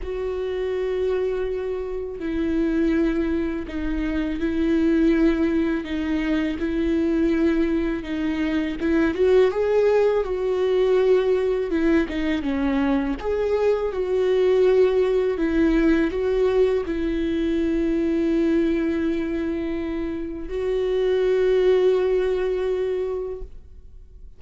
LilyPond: \new Staff \with { instrumentName = "viola" } { \time 4/4 \tempo 4 = 82 fis'2. e'4~ | e'4 dis'4 e'2 | dis'4 e'2 dis'4 | e'8 fis'8 gis'4 fis'2 |
e'8 dis'8 cis'4 gis'4 fis'4~ | fis'4 e'4 fis'4 e'4~ | e'1 | fis'1 | }